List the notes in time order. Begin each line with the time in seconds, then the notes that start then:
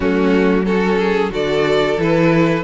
0.00 F#3 A3 C#4 F#4
0.65 C#4 F#4 A4
0.98 G#4
1.30 D3 F#4 A4 D5
1.97 E3 E4 B4